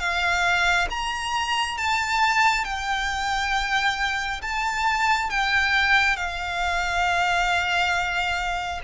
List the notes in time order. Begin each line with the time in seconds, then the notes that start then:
0.00 F5
0.90 A#5
1.78 A5
2.65 G5
4.42 A5
5.30 G5
6.16 F5